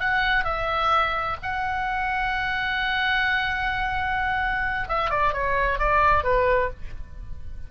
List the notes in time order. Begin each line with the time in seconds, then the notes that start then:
0.00 F#5
0.44 E5
1.43 F#5
4.89 E5
5.10 D5
5.33 C#5
5.79 D5
6.23 B4